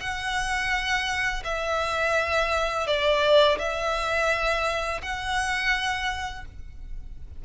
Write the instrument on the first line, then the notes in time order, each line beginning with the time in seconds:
violin
0.00 F#5
1.44 E5
2.87 D5
3.58 E5
5.02 F#5